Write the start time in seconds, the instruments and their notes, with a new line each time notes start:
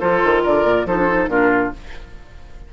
0.00 bassoon F3, clarinet F4, oboe A4, flute C5
0.24 bassoon D#3
0.43 bassoon D3, oboe A#4, flute D5
0.64 bassoon A#2
0.86 bassoon F3, clarinet D#4, oboe A4, flute C5
0.98 clarinet D4
1.08 clarinet D#4
1.28 bassoon A#2, clarinet D4, oboe F4, flute A#4